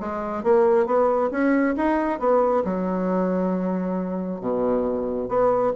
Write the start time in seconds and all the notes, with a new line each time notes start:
0.00 G#3
0.43 A#3
0.86 B3
1.31 C#4
1.76 D#4
2.19 B3
2.65 F#3
4.41 B2
5.29 B3